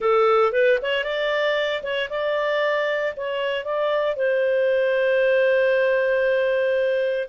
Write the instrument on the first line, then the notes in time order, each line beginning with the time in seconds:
clarinet
0.00 A4
0.52 B4
0.82 C#5
1.04 D5
1.83 C#5
2.09 D5
3.16 C#5
3.64 D5
4.15 C5